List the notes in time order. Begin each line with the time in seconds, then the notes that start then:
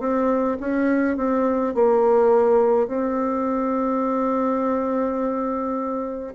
0.00 C4
0.60 C#4
1.17 C4
1.75 A#3
2.88 C4